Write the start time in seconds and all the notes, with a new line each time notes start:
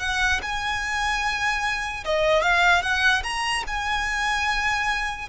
0.00 F#5
0.42 G#5
2.05 D#5
2.42 F5
2.82 F#5
3.23 A#5
3.67 G#5